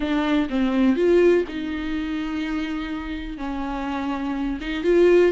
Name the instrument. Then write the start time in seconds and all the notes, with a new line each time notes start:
viola
0.00 D4
0.49 C4
0.96 F4
1.48 D#4
3.37 C#4
4.60 D#4
4.83 F4